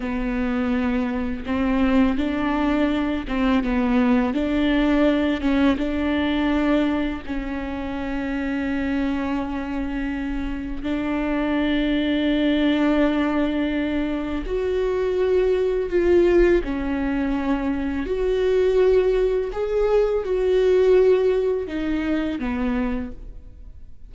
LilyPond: \new Staff \with { instrumentName = "viola" } { \time 4/4 \tempo 4 = 83 b2 c'4 d'4~ | d'8 c'8 b4 d'4. cis'8 | d'2 cis'2~ | cis'2. d'4~ |
d'1 | fis'2 f'4 cis'4~ | cis'4 fis'2 gis'4 | fis'2 dis'4 b4 | }